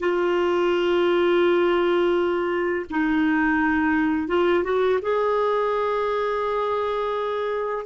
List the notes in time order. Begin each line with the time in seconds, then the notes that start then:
0.00 F4
2.90 D#4
4.28 F4
4.64 F#4
5.02 G#4